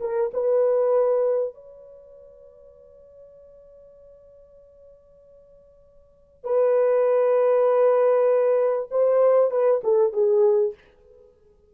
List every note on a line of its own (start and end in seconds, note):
0.00 0.31 A#4
0.33 1.54 B4
1.54 6.44 C#5
6.44 8.89 B4
8.91 9.51 C5
9.51 9.81 B4
9.83 10.12 A4
10.12 10.74 G#4